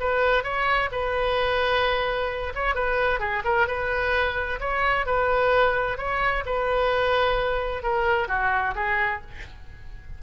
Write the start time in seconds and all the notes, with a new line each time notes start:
0.00 B4
0.44 C#5
0.92 B4
2.55 C#5
2.75 B4
3.20 G#4
3.44 A#4
3.67 B4
4.60 C#5
5.06 B4
5.98 C#5
6.46 B4
7.83 A#4
8.28 F#4
8.75 G#4